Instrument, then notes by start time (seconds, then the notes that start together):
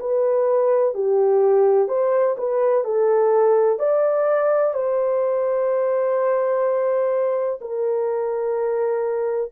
horn
0.00 B4
0.94 G4
1.88 C5
2.38 B4
2.84 A4
3.80 D5
4.74 C5
7.61 A#4